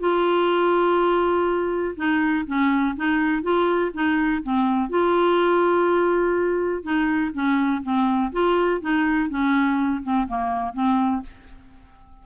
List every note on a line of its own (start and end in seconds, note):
0.00 1.95 F4
1.96 2.45 D#4
2.47 2.96 C#4
2.96 3.43 D#4
3.43 3.91 F4
3.94 4.43 D#4
4.43 4.90 C4
4.90 6.83 F4
6.83 7.32 D#4
7.34 7.82 C#4
7.83 8.32 C4
8.32 8.81 F4
8.81 9.29 D#4
9.29 10.02 C#4
10.03 10.27 C4
10.28 10.74 A#3
10.74 11.22 C4